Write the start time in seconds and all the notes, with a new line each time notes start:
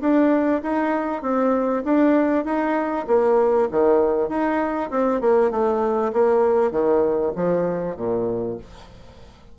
0.00 D4
0.62 D#4
1.21 C4
1.84 D4
2.45 D#4
3.07 A#3
3.71 D#3
4.29 D#4
4.90 C4
5.20 A#3
5.50 A3
6.13 A#3
6.71 D#3
7.35 F3
7.96 A#2